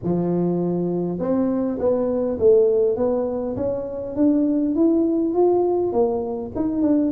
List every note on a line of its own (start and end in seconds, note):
0.03 1.18 F3
1.18 1.78 C4
1.79 2.38 B3
2.38 2.96 A3
2.96 3.55 B3
3.56 4.15 C#4
4.15 4.75 D4
4.75 5.34 E4
5.34 5.92 F4
5.92 6.51 A#3
6.55 6.82 D#4
6.82 7.11 D4